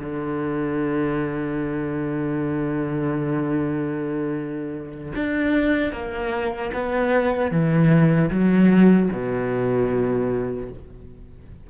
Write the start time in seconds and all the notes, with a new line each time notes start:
0.00 D3
5.16 D4
5.93 A#3
6.74 B3
7.51 E3
8.31 F#3
9.13 B2